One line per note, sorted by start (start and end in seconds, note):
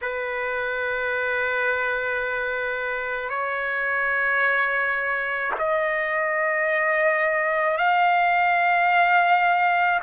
0.01 3.29 B4
3.29 5.52 C#5
5.58 7.77 D#5
7.77 9.99 F5